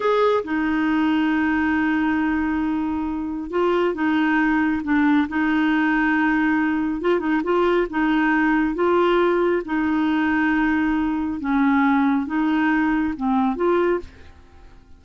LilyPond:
\new Staff \with { instrumentName = "clarinet" } { \time 4/4 \tempo 4 = 137 gis'4 dis'2.~ | dis'1 | f'4 dis'2 d'4 | dis'1 |
f'8 dis'8 f'4 dis'2 | f'2 dis'2~ | dis'2 cis'2 | dis'2 c'4 f'4 | }